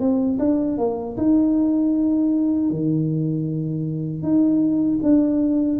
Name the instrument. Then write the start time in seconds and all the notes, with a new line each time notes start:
tuba
0.00 C4
0.40 D4
0.78 A#3
1.17 D#4
2.70 D#3
4.23 D#4
5.03 D4